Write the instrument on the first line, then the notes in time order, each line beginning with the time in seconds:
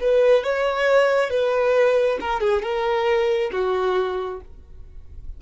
violin
0.00 B4
0.43 C#5
1.30 B4
2.20 A#4
2.40 G#4
2.62 A#4
3.52 F#4